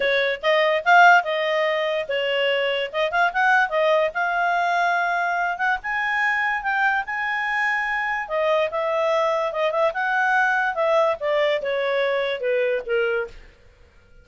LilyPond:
\new Staff \with { instrumentName = "clarinet" } { \time 4/4 \tempo 4 = 145 cis''4 dis''4 f''4 dis''4~ | dis''4 cis''2 dis''8 f''8 | fis''4 dis''4 f''2~ | f''4. fis''8 gis''2 |
g''4 gis''2. | dis''4 e''2 dis''8 e''8 | fis''2 e''4 d''4 | cis''2 b'4 ais'4 | }